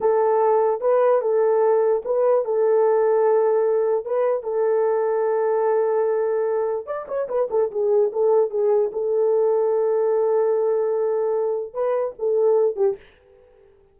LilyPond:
\new Staff \with { instrumentName = "horn" } { \time 4/4 \tempo 4 = 148 a'2 b'4 a'4~ | a'4 b'4 a'2~ | a'2 b'4 a'4~ | a'1~ |
a'4 d''8 cis''8 b'8 a'8 gis'4 | a'4 gis'4 a'2~ | a'1~ | a'4 b'4 a'4. g'8 | }